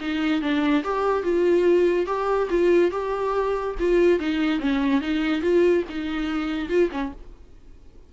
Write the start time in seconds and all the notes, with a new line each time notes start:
0.00 D#4
0.41 D4
0.83 G4
1.23 F4
2.06 G4
2.49 F4
2.91 G4
3.79 F4
4.19 D#4
4.59 C#4
5.01 D#4
5.41 F4
5.89 D#4
6.69 F4
6.91 C#4